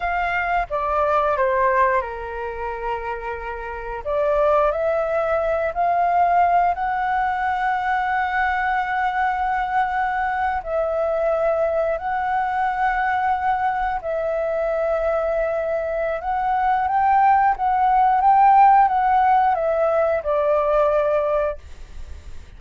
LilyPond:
\new Staff \with { instrumentName = "flute" } { \time 4/4 \tempo 4 = 89 f''4 d''4 c''4 ais'4~ | ais'2 d''4 e''4~ | e''8 f''4. fis''2~ | fis''2.~ fis''8. e''16~ |
e''4.~ e''16 fis''2~ fis''16~ | fis''8. e''2.~ e''16 | fis''4 g''4 fis''4 g''4 | fis''4 e''4 d''2 | }